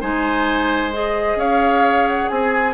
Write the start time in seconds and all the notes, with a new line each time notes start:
0.00 G#3 D#4 C5 G#5
0.92 G#4 D#5
1.35 C#4 C#5 F5
2.07 F#5
2.28 C4 G#4 G#5